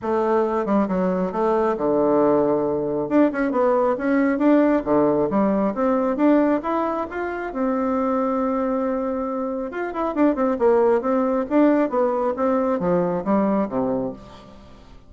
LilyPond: \new Staff \with { instrumentName = "bassoon" } { \time 4/4 \tempo 4 = 136 a4. g8 fis4 a4 | d2. d'8 cis'8 | b4 cis'4 d'4 d4 | g4 c'4 d'4 e'4 |
f'4 c'2.~ | c'2 f'8 e'8 d'8 c'8 | ais4 c'4 d'4 b4 | c'4 f4 g4 c4 | }